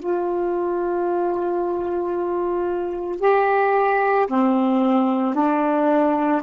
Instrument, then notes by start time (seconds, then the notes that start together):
saxophone
0.00 F4
3.20 G4
4.28 C4
5.35 D4